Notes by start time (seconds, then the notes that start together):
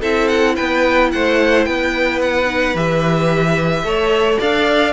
0.00 C4 E4 A4 E5
0.28 F#5
0.55 B3 B4 G5
1.11 A3 C5 F#5
1.65 B3 B4 G5
2.21 F#5
2.46 D#4
2.74 E3 G4 E5
3.83 A3 A4 C#5
4.39 D4 D5 F5